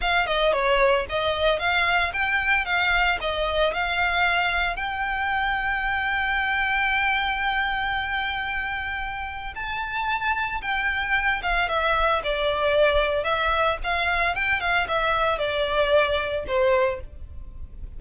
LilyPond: \new Staff \with { instrumentName = "violin" } { \time 4/4 \tempo 4 = 113 f''8 dis''8 cis''4 dis''4 f''4 | g''4 f''4 dis''4 f''4~ | f''4 g''2.~ | g''1~ |
g''2 a''2 | g''4. f''8 e''4 d''4~ | d''4 e''4 f''4 g''8 f''8 | e''4 d''2 c''4 | }